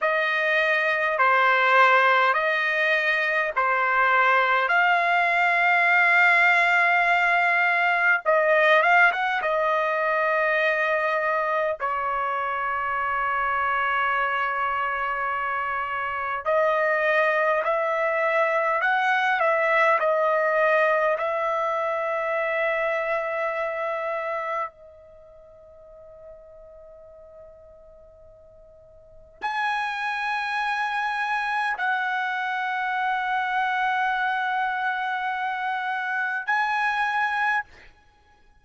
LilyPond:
\new Staff \with { instrumentName = "trumpet" } { \time 4/4 \tempo 4 = 51 dis''4 c''4 dis''4 c''4 | f''2. dis''8 f''16 fis''16 | dis''2 cis''2~ | cis''2 dis''4 e''4 |
fis''8 e''8 dis''4 e''2~ | e''4 dis''2.~ | dis''4 gis''2 fis''4~ | fis''2. gis''4 | }